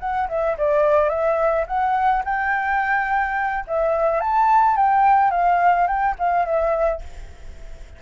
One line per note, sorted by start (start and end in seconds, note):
0.00 0.28 F#5
0.29 0.57 E5
0.58 1.09 D5
1.09 1.65 E5
1.67 2.24 F#5
2.25 3.65 G5
3.67 4.21 E5
4.21 4.77 A5
4.77 5.31 G5
5.31 5.87 F5
5.87 6.15 G5
6.19 6.45 F5
6.45 7.01 E5